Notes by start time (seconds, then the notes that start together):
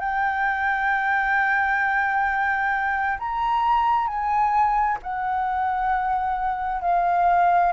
0.00 G5
3.19 A#5
4.07 G#5
5.02 F#5
6.81 F5